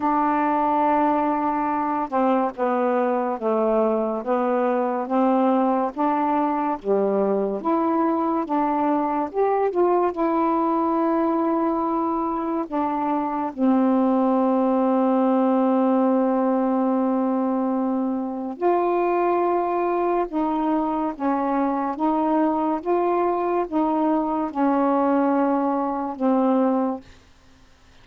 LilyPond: \new Staff \with { instrumentName = "saxophone" } { \time 4/4 \tempo 4 = 71 d'2~ d'8 c'8 b4 | a4 b4 c'4 d'4 | g4 e'4 d'4 g'8 f'8 | e'2. d'4 |
c'1~ | c'2 f'2 | dis'4 cis'4 dis'4 f'4 | dis'4 cis'2 c'4 | }